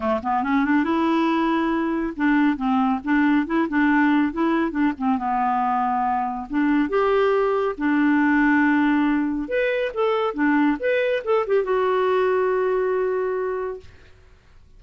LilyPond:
\new Staff \with { instrumentName = "clarinet" } { \time 4/4 \tempo 4 = 139 a8 b8 cis'8 d'8 e'2~ | e'4 d'4 c'4 d'4 | e'8 d'4. e'4 d'8 c'8 | b2. d'4 |
g'2 d'2~ | d'2 b'4 a'4 | d'4 b'4 a'8 g'8 fis'4~ | fis'1 | }